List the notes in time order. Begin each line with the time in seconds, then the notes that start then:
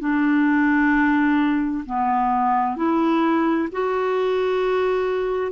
0.00 D4
1.85 B3
2.77 E4
3.72 F#4